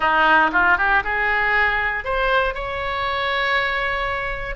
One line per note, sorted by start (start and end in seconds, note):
0.00 0.50 D#4
0.52 0.77 F4
0.77 1.03 G4
1.04 2.04 G#4
2.04 2.54 C5
2.54 4.55 C#5